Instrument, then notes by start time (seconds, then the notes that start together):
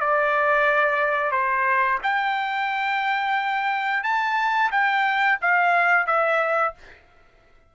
trumpet
0.00 D5
1.31 C5
2.03 G5
4.03 A5
4.71 G5
5.41 F5
6.06 E5